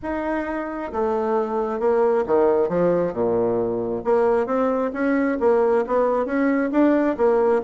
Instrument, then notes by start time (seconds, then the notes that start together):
bassoon
0.02 D#4
0.92 A3
1.79 A#3
2.26 D#3
2.68 F3
3.13 A#2
4.04 A#3
4.46 C4
4.93 C#4
5.40 A#3
5.86 B3
6.25 C#4
6.71 D4
7.17 A#3